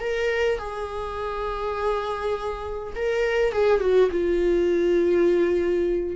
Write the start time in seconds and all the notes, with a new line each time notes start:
0.00 A#4
0.58 G#4
2.95 A#4
3.52 G#4
3.80 F#4
4.11 F4